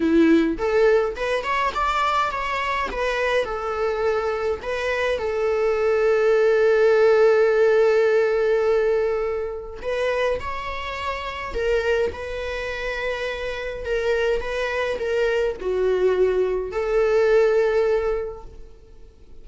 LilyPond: \new Staff \with { instrumentName = "viola" } { \time 4/4 \tempo 4 = 104 e'4 a'4 b'8 cis''8 d''4 | cis''4 b'4 a'2 | b'4 a'2.~ | a'1~ |
a'4 b'4 cis''2 | ais'4 b'2. | ais'4 b'4 ais'4 fis'4~ | fis'4 a'2. | }